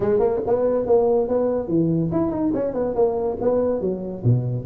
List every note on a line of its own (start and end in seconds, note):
0.00 0.19 G#3
0.19 0.40 A#3
0.46 0.86 B3
0.86 1.28 A#3
1.28 1.68 B3
1.68 2.10 E3
2.11 2.30 E4
2.30 2.51 D#4
2.54 2.73 C#4
2.73 2.94 B3
2.95 3.37 A#3
3.41 3.80 B3
3.80 4.23 F#3
4.24 4.65 B2